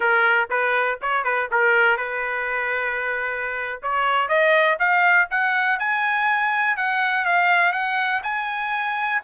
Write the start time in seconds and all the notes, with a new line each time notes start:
0.00 A#4
0.49 B4
1.01 C#5
1.24 B4
1.51 A#4
1.97 B4
3.82 C#5
4.28 D#5
4.79 F5
5.30 F#5
5.79 G#5
6.76 F#5
7.25 F5
7.72 F#5
8.23 G#5